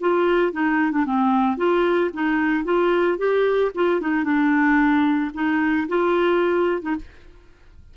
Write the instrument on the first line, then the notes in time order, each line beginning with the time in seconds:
clarinet
0.00 F4
0.52 D#4
0.91 D4
1.05 C4
1.57 F4
2.13 D#4
2.64 F4
3.18 G4
3.75 F4
4.01 D#4
4.24 D4
5.34 D#4
5.88 F4
6.82 D#4